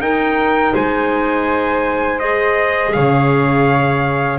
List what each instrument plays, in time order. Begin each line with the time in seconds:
0.00 double bass D#4, clarinet D#4, flute A#4, trumpet G5
0.73 double bass G#3, flute C5, trumpet G#5
2.19 clarinet G#4, trumpet D#5
2.93 double bass C#3, flute C#5, trumpet F5